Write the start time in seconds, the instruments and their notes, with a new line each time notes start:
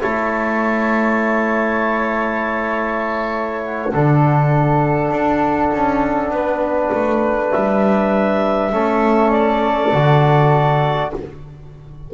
0.00 double bass A3, trombone E4, flute C#5, clarinet A5
3.61 clarinet F#5
3.93 double bass D3, trombone D4, flute A4
5.11 double bass D4
5.73 double bass C#4
6.30 double bass B3, flute B4
6.92 double bass A3
7.51 double bass G3, clarinet E5
8.72 double bass A3, trombone C#4, flute A4
9.31 clarinet D5
9.93 double bass D3, trombone F#4